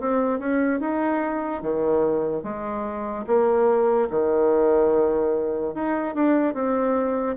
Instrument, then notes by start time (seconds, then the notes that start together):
bassoon
0.00 C4
0.40 C#4
0.80 D#4
1.63 D#3
2.43 G#3
3.27 A#3
4.10 D#3
5.75 D#4
6.15 D4
6.54 C4